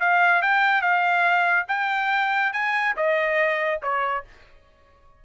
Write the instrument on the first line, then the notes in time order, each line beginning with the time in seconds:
trumpet
0.00 F5
0.42 G5
0.81 F5
1.68 G5
2.53 G#5
2.96 D#5
3.82 C#5